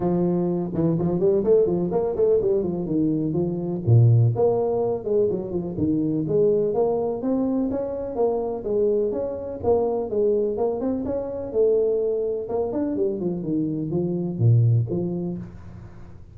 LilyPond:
\new Staff \with { instrumentName = "tuba" } { \time 4/4 \tempo 4 = 125 f4. e8 f8 g8 a8 f8 | ais8 a8 g8 f8 dis4 f4 | ais,4 ais4. gis8 fis8 f8 | dis4 gis4 ais4 c'4 |
cis'4 ais4 gis4 cis'4 | ais4 gis4 ais8 c'8 cis'4 | a2 ais8 d'8 g8 f8 | dis4 f4 ais,4 f4 | }